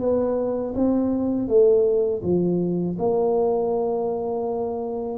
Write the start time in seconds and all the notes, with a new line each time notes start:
0.00 B3
0.75 C4
1.48 A3
2.23 F3
2.99 A#3